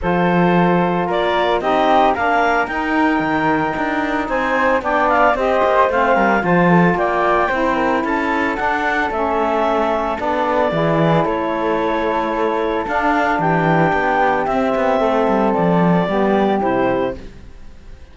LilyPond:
<<
  \new Staff \with { instrumentName = "clarinet" } { \time 4/4 \tempo 4 = 112 c''2 d''4 dis''4 | f''4 g''2. | gis''4 g''8 f''8 dis''4 f''4 | a''4 g''2 a''4 |
fis''4 e''2 d''4~ | d''4 cis''2. | f''4 g''2 e''4~ | e''4 d''2 c''4 | }
  \new Staff \with { instrumentName = "flute" } { \time 4/4 a'2 ais'4 g'4 | ais'1 | c''4 d''4 c''4. ais'8 | c''8 a'8 d''4 c''8 ais'8 a'4~ |
a'1 | gis'4 a'2.~ | a'4 g'2. | a'2 g'2 | }
  \new Staff \with { instrumentName = "saxophone" } { \time 4/4 f'2. dis'4 | d'4 dis'2.~ | dis'4 d'4 g'4 c'4 | f'2 e'2 |
d'4 cis'2 d'4 | e'1 | d'2. c'4~ | c'2 b4 e'4 | }
  \new Staff \with { instrumentName = "cello" } { \time 4/4 f2 ais4 c'4 | ais4 dis'4 dis4 d'4 | c'4 b4 c'8 ais8 a8 g8 | f4 ais4 c'4 cis'4 |
d'4 a2 b4 | e4 a2. | d'4 e4 b4 c'8 b8 | a8 g8 f4 g4 c4 | }
>>